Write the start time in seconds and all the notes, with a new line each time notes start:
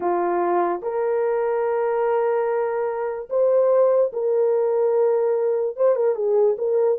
0.00 F4
0.82 A#4
3.29 C5
4.12 A#4
5.76 C5
5.95 A#4
6.15 G#4
6.58 A#4